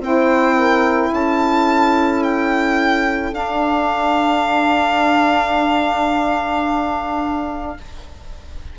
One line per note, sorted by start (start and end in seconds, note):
0.00 1.11 C4
0.00 3.33 E4
0.00 0.56 C5
0.00 1.15 G5
0.56 1.10 A#4
1.10 3.32 C#4
1.10 7.77 A4
1.10 2.24 A5
2.24 3.34 G5
3.32 7.77 D4
3.32 7.79 F5